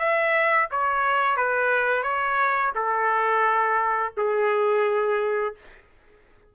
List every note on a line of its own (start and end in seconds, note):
0.00 0.69 E5
0.71 1.37 C#5
1.37 2.03 B4
2.03 2.72 C#5
2.76 4.13 A4
4.18 5.55 G#4